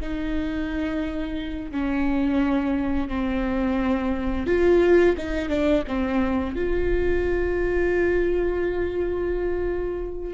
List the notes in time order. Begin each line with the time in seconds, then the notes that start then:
0.00 D#4
1.71 C#4
3.08 C4
4.47 F4
5.17 D#4
5.49 D4
5.87 C4
6.55 F4